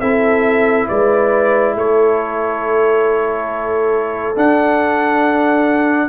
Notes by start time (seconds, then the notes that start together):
0.00 C4 E4 A4 E5
0.88 G#3 B4 D5
1.75 A3 A4 C#5
4.36 D4 F#5